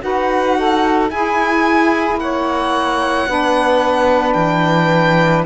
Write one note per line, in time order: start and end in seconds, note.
0.00 1.11 D#4
0.00 1.09 F#4
0.00 0.58 B4
0.00 1.11 F#5
0.58 1.11 A4
1.11 2.16 E4
1.11 3.28 E4
1.11 2.20 G#4
1.11 2.20 G#5
2.16 3.25 A#3
2.16 3.29 C#5
2.16 4.34 F#5
3.28 4.35 B3
3.28 5.46 D4
3.28 5.46 B4
4.34 5.45 E3
4.34 5.43 G5